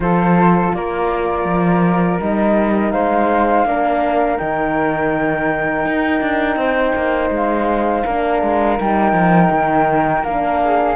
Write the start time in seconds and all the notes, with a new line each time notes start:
0.00 F3 F4 A4 C5
0.73 A#3 A#4 D5
1.45 F3
2.20 G3 D#4 D#5
2.91 G#3 C5 F5
3.64 A#3 D4 A#4
4.37 D#3 D#4 G5
5.85 D#4
6.20 D4
6.56 C4 C5
6.95 A#3
7.30 G#3 F5
8.05 A#3 D4 A#4
8.42 G#3
8.78 G3 D#4 G5
9.12 F3
9.50 D#3
10.23 A#3 D4 F5
10.64 G#4